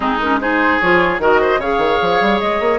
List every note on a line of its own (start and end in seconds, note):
0.00 0.78 G#3
0.00 0.18 C4
0.00 0.39 D#4
0.00 0.19 G#4
0.19 0.40 C#4
0.19 0.39 A#4
0.40 0.80 D#4
0.40 1.21 G#4
0.40 0.80 C5
0.80 1.18 F3
0.80 1.20 F4
0.80 1.20 C#5
1.18 1.58 D#3
1.18 1.60 F#4
1.18 1.41 A#4
1.18 1.61 D#5
1.41 1.60 C5
1.58 1.78 C#3
1.58 2.78 G#4
1.58 2.78 C#5
1.58 2.39 F5
1.78 1.98 D#3
2.01 2.20 F3
2.20 2.40 G3
2.39 2.60 G#3
2.39 2.78 D#5
2.60 2.78 A#3